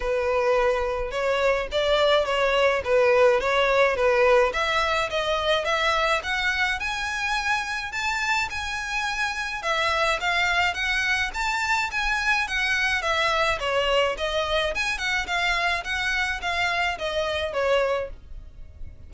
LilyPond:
\new Staff \with { instrumentName = "violin" } { \time 4/4 \tempo 4 = 106 b'2 cis''4 d''4 | cis''4 b'4 cis''4 b'4 | e''4 dis''4 e''4 fis''4 | gis''2 a''4 gis''4~ |
gis''4 e''4 f''4 fis''4 | a''4 gis''4 fis''4 e''4 | cis''4 dis''4 gis''8 fis''8 f''4 | fis''4 f''4 dis''4 cis''4 | }